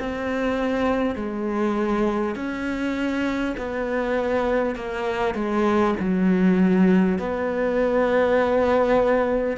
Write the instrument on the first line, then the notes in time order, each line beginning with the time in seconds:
cello
0.00 C4
1.16 G#3
2.36 C#4
3.58 B3
4.76 A#3
5.35 G#3
6.00 F#3
7.19 B3